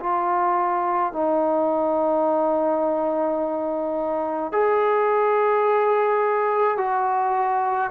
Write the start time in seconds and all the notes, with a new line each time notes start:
0.00 F4
1.13 D#4
4.53 G#4
6.78 F#4